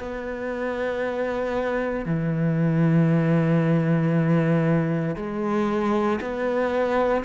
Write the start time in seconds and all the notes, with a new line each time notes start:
0.00 B3
2.06 E3
5.17 G#3
6.21 B3